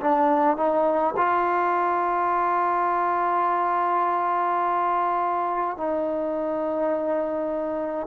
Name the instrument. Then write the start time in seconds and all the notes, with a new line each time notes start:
trombone
0.00 D4
0.57 D#4
1.16 F4
5.77 D#4